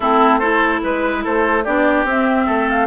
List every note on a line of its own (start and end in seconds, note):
0.00 0.82 A3
0.00 0.41 C4
0.00 0.39 E4
0.00 0.39 A4
0.39 1.64 E4
0.39 0.80 A4
0.39 0.80 C5
0.81 1.24 G#3
0.81 1.23 B4
1.23 1.67 A3
1.23 1.64 A4
1.23 1.64 C5
1.64 2.04 B3
1.64 2.06 D4
1.64 2.46 G4
1.64 2.05 D5
2.04 2.45 C4
2.04 2.86 C4
2.04 2.69 E5
2.46 2.86 A3
2.46 2.86 A4
2.69 2.86 F5